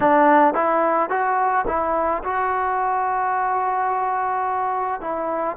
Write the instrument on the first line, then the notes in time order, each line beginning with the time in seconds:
trombone
0.00 D4
0.54 E4
1.09 F#4
1.67 E4
2.23 F#4
5.01 E4